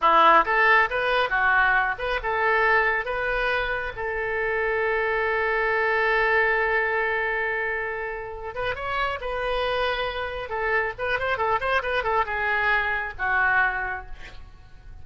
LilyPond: \new Staff \with { instrumentName = "oboe" } { \time 4/4 \tempo 4 = 137 e'4 a'4 b'4 fis'4~ | fis'8 b'8 a'2 b'4~ | b'4 a'2.~ | a'1~ |
a'2.~ a'8 b'8 | cis''4 b'2. | a'4 b'8 c''8 a'8 c''8 b'8 a'8 | gis'2 fis'2 | }